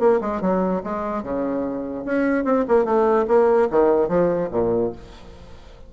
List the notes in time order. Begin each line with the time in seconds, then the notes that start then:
0.00 A#3
0.21 G#3
0.42 F#3
0.84 G#3
1.23 C#3
2.05 C#4
2.45 C4
2.68 A#3
2.85 A3
3.28 A#3
3.71 D#3
4.09 F3
4.52 A#2